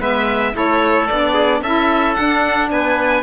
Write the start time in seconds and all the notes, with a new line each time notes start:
0.00 G#3 B3 B4 E5
0.53 A3 E4 A4 C#5
1.07 B3 D4 D5
1.33 G#4
1.62 C#4 E4 A4 E5
2.14 D4 F#5
2.71 B3 B4 G#5